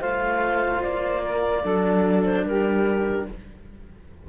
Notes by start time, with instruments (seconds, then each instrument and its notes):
0.00 cello A3 F4, saxophone C5, clarinet F5
0.82 cello A#3, clarinet D5
1.24 saxophone A#4
1.62 cello F#3 D4, saxophone A4
2.24 clarinet C5
2.44 cello G3, saxophone G4, clarinet A#4